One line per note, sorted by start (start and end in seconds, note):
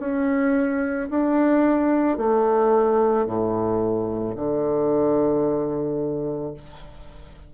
0.00 1.09 C#4
1.11 2.18 D4
2.18 3.26 A3
3.26 4.35 A2
4.36 6.54 D3